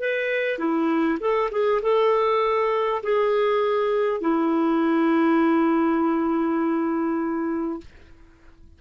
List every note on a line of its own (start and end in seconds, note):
0.00 0.58 B4
0.58 1.18 E4
1.19 1.49 A4
1.51 1.81 G#4
1.82 3.02 A4
3.02 4.21 G#4
4.21 7.81 E4